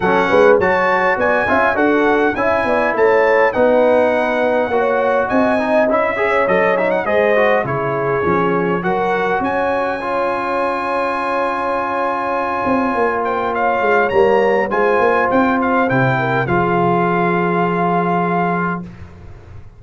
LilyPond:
<<
  \new Staff \with { instrumentName = "trumpet" } { \time 4/4 \tempo 4 = 102 fis''4 a''4 gis''4 fis''4 | gis''4 a''4 fis''2~ | fis''4 gis''4 e''4 dis''8 e''16 fis''16 | dis''4 cis''2 fis''4 |
gis''1~ | gis''2~ gis''8 g''8 f''4 | ais''4 gis''4 g''8 f''8 g''4 | f''1 | }
  \new Staff \with { instrumentName = "horn" } { \time 4/4 a'8 b'8 cis''4 d''8 e''8 a'4 | e''8 d''8 cis''4 b'2 | cis''4 dis''4. cis''4. | c''4 gis'2 ais'4 |
cis''1~ | cis''2~ cis''8 c''8 cis''4~ | cis''4 c''2~ c''8 ais'8 | gis'1 | }
  \new Staff \with { instrumentName = "trombone" } { \time 4/4 cis'4 fis'4. f'8 fis'4 | e'2 dis'2 | fis'4. dis'8 e'8 gis'8 a'8 dis'8 | gis'8 fis'8 e'4 cis'4 fis'4~ |
fis'4 f'2.~ | f'1 | ais4 f'2 e'4 | f'1 | }
  \new Staff \with { instrumentName = "tuba" } { \time 4/4 fis8 gis8 fis4 b8 cis'8 d'4 | cis'8 b8 a4 b2 | ais4 c'4 cis'4 fis4 | gis4 cis4 f4 fis4 |
cis'1~ | cis'4. c'8 ais4. gis8 | g4 gis8 ais8 c'4 c4 | f1 | }
>>